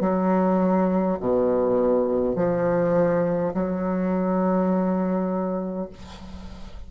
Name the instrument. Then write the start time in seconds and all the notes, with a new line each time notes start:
bassoon
0.00 F#3
1.20 B2
2.35 F3
3.53 F#3